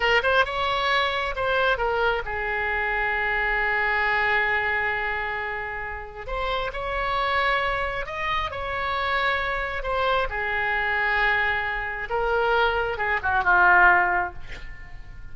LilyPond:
\new Staff \with { instrumentName = "oboe" } { \time 4/4 \tempo 4 = 134 ais'8 c''8 cis''2 c''4 | ais'4 gis'2.~ | gis'1~ | gis'2 c''4 cis''4~ |
cis''2 dis''4 cis''4~ | cis''2 c''4 gis'4~ | gis'2. ais'4~ | ais'4 gis'8 fis'8 f'2 | }